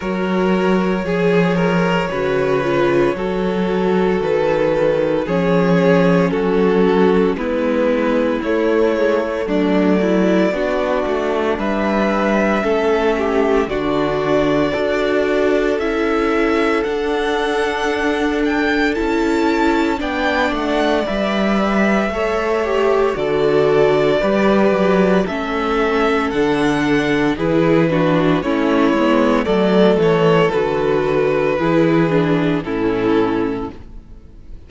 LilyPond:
<<
  \new Staff \with { instrumentName = "violin" } { \time 4/4 \tempo 4 = 57 cis''1 | b'4 cis''4 a'4 b'4 | cis''4 d''2 e''4~ | e''4 d''2 e''4 |
fis''4. g''8 a''4 g''8 fis''8 | e''2 d''2 | e''4 fis''4 b'4 cis''4 | d''8 cis''8 b'2 a'4 | }
  \new Staff \with { instrumentName = "violin" } { \time 4/4 ais'4 gis'8 ais'8 b'4 a'4~ | a'4 gis'4 fis'4 e'4~ | e'4 d'8 e'8 fis'4 b'4 | a'8 g'8 fis'4 a'2~ |
a'2. d''4~ | d''4 cis''4 a'4 b'4 | a'2 gis'8 fis'8 e'4 | a'2 gis'4 e'4 | }
  \new Staff \with { instrumentName = "viola" } { \time 4/4 fis'4 gis'4 fis'8 f'8 fis'4~ | fis'4 cis'2 b4 | a8 gis16 a4~ a16 d'2 | cis'4 d'4 fis'4 e'4 |
d'2 e'4 d'4 | b'4 a'8 g'8 fis'4 g'4 | cis'4 d'4 e'8 d'8 cis'8 b8 | a4 fis'4 e'8 d'8 cis'4 | }
  \new Staff \with { instrumentName = "cello" } { \time 4/4 fis4 f4 cis4 fis4 | dis4 f4 fis4 gis4 | a4 fis4 b8 a8 g4 | a4 d4 d'4 cis'4 |
d'2 cis'4 b8 a8 | g4 a4 d4 g8 fis8 | a4 d4 e4 a8 gis8 | fis8 e8 d4 e4 a,4 | }
>>